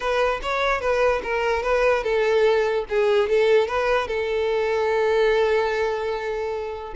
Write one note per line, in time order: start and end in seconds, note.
0.00 0.40 B4
0.42 0.80 C#5
0.80 1.21 B4
1.23 1.62 A#4
1.62 2.03 B4
2.03 2.85 A4
2.89 3.29 G#4
3.29 3.67 A4
3.67 4.07 B4
4.07 6.93 A4